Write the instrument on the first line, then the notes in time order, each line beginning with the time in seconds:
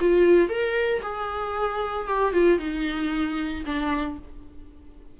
viola
0.00 F4
0.49 A#4
1.02 G#4
2.07 G4
2.33 F4
2.58 D#4
3.65 D4